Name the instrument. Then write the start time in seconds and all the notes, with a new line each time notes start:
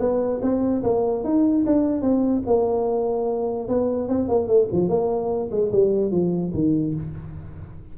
tuba
0.00 B3
0.42 C4
0.84 A#3
1.24 D#4
1.66 D4
2.02 C4
2.47 A#3
3.69 B3
4.09 C4
4.29 A#3
4.48 A3
4.72 F3
4.89 A#3
5.52 G#3
5.72 G3
6.12 F3
6.54 D#3